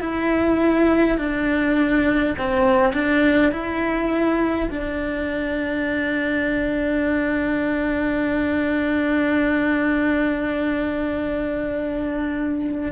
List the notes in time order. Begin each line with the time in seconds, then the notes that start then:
0.00 E4
1.18 D4
2.38 C4
2.94 D4
3.52 E4
4.71 D4